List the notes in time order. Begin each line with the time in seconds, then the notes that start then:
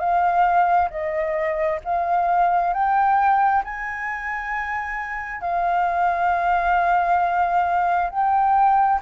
0.00 F5
0.91 D#5
1.85 F5
2.74 G5
3.64 G#5
5.41 F5
8.10 G5